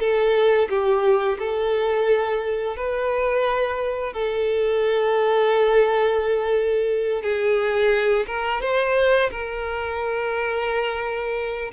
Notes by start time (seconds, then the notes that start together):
0.00 A4
0.70 G4
1.39 A4
2.77 B4
4.14 A4
7.23 G#4
8.28 A#4
8.62 C5
9.31 A#4